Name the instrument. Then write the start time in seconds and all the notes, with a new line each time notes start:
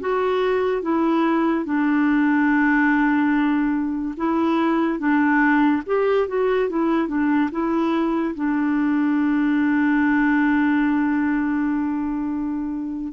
clarinet
0.00 F#4
0.82 E4
1.65 D4
4.16 E4
4.98 D4
5.86 G4
6.27 F#4
6.69 E4
7.08 D4
7.51 E4
8.34 D4